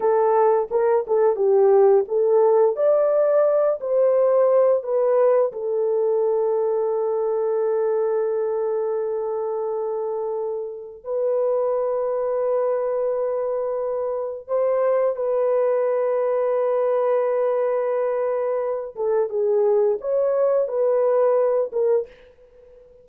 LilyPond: \new Staff \with { instrumentName = "horn" } { \time 4/4 \tempo 4 = 87 a'4 ais'8 a'8 g'4 a'4 | d''4. c''4. b'4 | a'1~ | a'1 |
b'1~ | b'4 c''4 b'2~ | b'2.~ b'8 a'8 | gis'4 cis''4 b'4. ais'8 | }